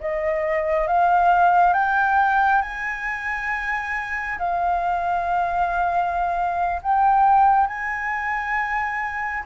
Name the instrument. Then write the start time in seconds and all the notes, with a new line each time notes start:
flute
0.00 D#5
0.87 F5
1.73 G5
2.62 G#5
4.38 F5
6.82 G5
7.67 G#5